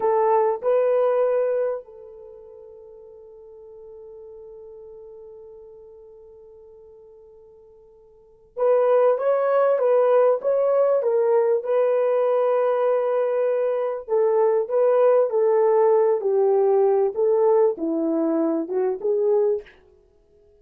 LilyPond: \new Staff \with { instrumentName = "horn" } { \time 4/4 \tempo 4 = 98 a'4 b'2 a'4~ | a'1~ | a'1~ | a'2 b'4 cis''4 |
b'4 cis''4 ais'4 b'4~ | b'2. a'4 | b'4 a'4. g'4. | a'4 e'4. fis'8 gis'4 | }